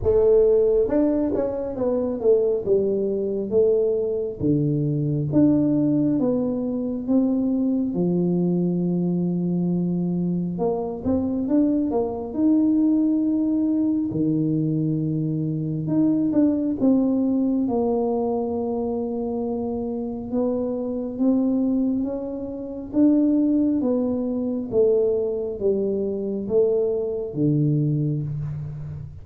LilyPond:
\new Staff \with { instrumentName = "tuba" } { \time 4/4 \tempo 4 = 68 a4 d'8 cis'8 b8 a8 g4 | a4 d4 d'4 b4 | c'4 f2. | ais8 c'8 d'8 ais8 dis'2 |
dis2 dis'8 d'8 c'4 | ais2. b4 | c'4 cis'4 d'4 b4 | a4 g4 a4 d4 | }